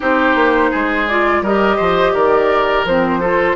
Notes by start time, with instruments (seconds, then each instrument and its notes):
0.00 bassoon C4, clarinet D#4, oboe G4, flute C5
0.35 bassoon A#3
0.70 bassoon G#3, oboe G#4
1.07 clarinet F4, flute D5
1.41 bassoon G3, clarinet G4, oboe A#4, flute D#5
1.76 bassoon F3, oboe C5
2.13 bassoon D#3, oboe A#4, flute D5
2.84 bassoon F3, clarinet C4, flute C5
3.20 clarinet F4, oboe A4